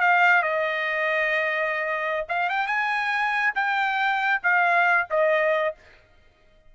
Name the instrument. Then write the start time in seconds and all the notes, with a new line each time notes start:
trumpet
0.00 F5
0.43 D#5
2.28 F5
2.49 G5
2.67 G#5
3.55 G5
4.43 F5
5.10 D#5